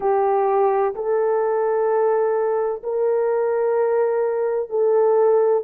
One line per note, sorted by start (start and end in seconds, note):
0.00 0.94 G4
0.94 2.82 A4
2.83 4.69 A#4
4.69 5.63 A4